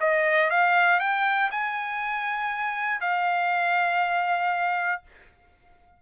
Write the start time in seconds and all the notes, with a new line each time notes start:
0.00 D#5
0.50 F5
1.00 G5
1.51 G#5
3.01 F5